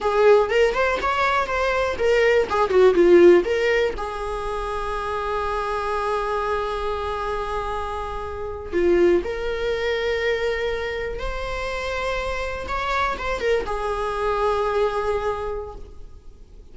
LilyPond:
\new Staff \with { instrumentName = "viola" } { \time 4/4 \tempo 4 = 122 gis'4 ais'8 c''8 cis''4 c''4 | ais'4 gis'8 fis'8 f'4 ais'4 | gis'1~ | gis'1~ |
gis'4.~ gis'16 f'4 ais'4~ ais'16~ | ais'2~ ais'8. c''4~ c''16~ | c''4.~ c''16 cis''4 c''8 ais'8 gis'16~ | gis'1 | }